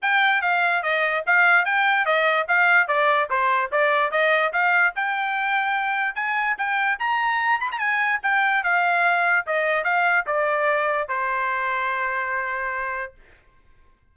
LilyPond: \new Staff \with { instrumentName = "trumpet" } { \time 4/4 \tempo 4 = 146 g''4 f''4 dis''4 f''4 | g''4 dis''4 f''4 d''4 | c''4 d''4 dis''4 f''4 | g''2. gis''4 |
g''4 ais''4. b''16 ais''16 gis''4 | g''4 f''2 dis''4 | f''4 d''2 c''4~ | c''1 | }